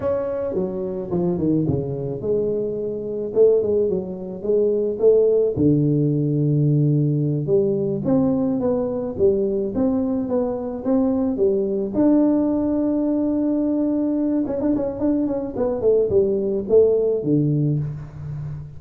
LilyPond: \new Staff \with { instrumentName = "tuba" } { \time 4/4 \tempo 4 = 108 cis'4 fis4 f8 dis8 cis4 | gis2 a8 gis8 fis4 | gis4 a4 d2~ | d4. g4 c'4 b8~ |
b8 g4 c'4 b4 c'8~ | c'8 g4 d'2~ d'8~ | d'2 cis'16 d'16 cis'8 d'8 cis'8 | b8 a8 g4 a4 d4 | }